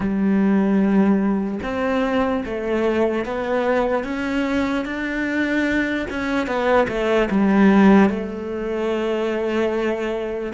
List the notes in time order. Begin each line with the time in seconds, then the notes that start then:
0.00 G3
1.62 C4
2.45 A3
3.25 B3
4.04 C#4
4.85 D4
6.10 C#4
6.46 B3
6.88 A3
7.30 G3
8.09 A3